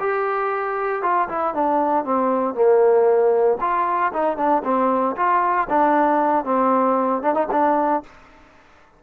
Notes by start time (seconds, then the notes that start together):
0.00 G4
1.03 F4
1.29 E4
1.54 D4
2.05 C4
2.55 A#3
3.61 F4
4.13 D#4
4.37 D4
4.64 C4
5.16 F4
5.70 D4
6.45 C4
7.22 D4
7.34 D#4
7.52 D4